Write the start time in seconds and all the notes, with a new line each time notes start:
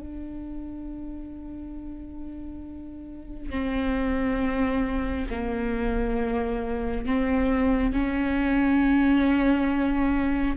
0.00 D4
3.50 C4
5.30 A#3
7.06 C4
7.93 C#4